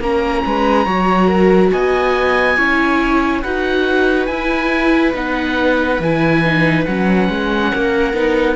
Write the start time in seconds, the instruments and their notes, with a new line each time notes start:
0.00 cello A#3, viola C#4 A#4, oboe A#5
0.45 cello G#3, viola B4
0.86 cello F#3, viola F#4 C#5
1.27 viola A#4
1.72 cello B3, viola D#5, oboe G#5
2.57 cello C#4, viola E4 C#5
3.42 cello D#4, viola F#4 B4, oboe F#5
4.26 cello E4, viola E4, oboe G#5
5.13 cello B3, viola D#4, oboe F#5
6.00 cello E3, viola E4, oboe G#5
6.44 viola D#4
6.85 cello F#3, viola C#4, oboe F#5
7.29 cello G#3
7.71 cello A#3, viola A#4
8.13 cello B3, viola D#4